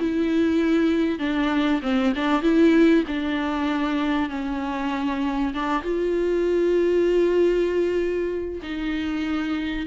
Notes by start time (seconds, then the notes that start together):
0.00 E4
1.19 D4
1.82 C4
2.15 D4
2.42 E4
3.08 D4
4.30 C#4
5.54 D4
5.83 F4
8.63 D#4